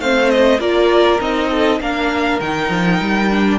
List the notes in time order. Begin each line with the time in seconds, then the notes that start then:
0.00 A3 C4 C5 F5
0.31 D#5
0.60 A#3 F4 A#4 D5
1.21 C4 D#4 D#5
1.51 A4
1.81 A#3 D4 A#4 F5
2.40 D#3 D#4 G5
2.70 F3
3.01 G3
3.31 D4